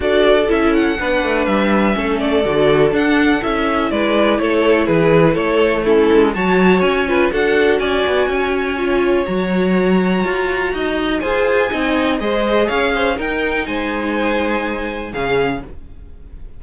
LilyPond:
<<
  \new Staff \with { instrumentName = "violin" } { \time 4/4 \tempo 4 = 123 d''4 e''8 fis''4. e''4~ | e''8 d''4. fis''4 e''4 | d''4 cis''4 b'4 cis''4 | a'4 a''4 gis''4 fis''4 |
gis''2. ais''4~ | ais''2. gis''4~ | gis''4 dis''4 f''4 g''4 | gis''2. f''4 | }
  \new Staff \with { instrumentName = "violin" } { \time 4/4 a'2 b'2 | a'1 | b'4 a'4 gis'4 a'4 | e'4 cis''4. b'8 a'4 |
d''4 cis''2.~ | cis''2 dis''4 c''4 | dis''4 c''4 cis''8 c''8 ais'4 | c''2. gis'4 | }
  \new Staff \with { instrumentName = "viola" } { \time 4/4 fis'4 e'4 d'2 | cis'4 fis'4 d'4 e'4~ | e'1 | cis'4 fis'4. f'8 fis'4~ |
fis'2 f'4 fis'4~ | fis'2. gis'4 | dis'4 gis'2 dis'4~ | dis'2. cis'4 | }
  \new Staff \with { instrumentName = "cello" } { \time 4/4 d'4 cis'4 b8 a8 g4 | a4 d4 d'4 cis'4 | gis4 a4 e4 a4~ | a8 gis8 fis4 cis'4 d'4 |
cis'8 b8 cis'2 fis4~ | fis4 f'4 dis'4 f'4 | c'4 gis4 cis'4 dis'4 | gis2. cis4 | }
>>